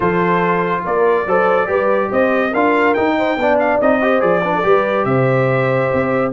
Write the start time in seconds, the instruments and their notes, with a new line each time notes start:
0.00 tuba F3, trombone F4, horn A4, trumpet C5
0.84 tuba A#3, horn A#4, trumpet D5
1.26 tuba F#3, trombone A4, horn C5
1.66 tuba G3, trombone G4, horn B4
2.11 tuba C4, horn C5, trumpet D#5
2.51 tuba D4, trombone F4, horn A#4, trumpet F5
2.94 trombone D#4, tuba D#4, trumpet G5
3.18 horn C5
3.36 tuba B3, trombone D4, horn D5
3.59 trumpet F5
3.81 tuba C4, trombone D#4, trumpet D#5
4.01 trombone G4, horn C5
4.20 tuba F3, trombone G#4, trumpet D5
4.43 trombone D4, horn B4
4.55 horn A4
4.63 tuba G3, trombone G4, horn B4
5.04 tuba C3, horn C5, trumpet E5
5.93 tuba C4